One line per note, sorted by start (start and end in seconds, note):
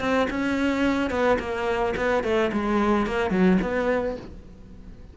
0.00 0.28 C4
0.30 1.10 C#4
1.10 1.38 B3
1.39 1.94 A#3
1.96 2.23 B3
2.23 2.51 A3
2.52 3.07 G#3
3.07 3.31 A#3
3.31 3.58 F#3
3.62 4.17 B3